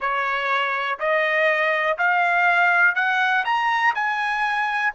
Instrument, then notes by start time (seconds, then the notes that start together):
trumpet
0.00 C#5
0.99 D#5
1.98 F5
2.95 F#5
3.44 A#5
3.94 G#5